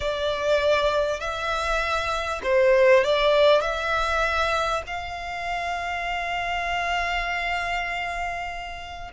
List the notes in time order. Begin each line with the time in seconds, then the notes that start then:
0.00 D5
1.20 E5
2.43 C5
3.03 D5
3.61 E5
4.87 F5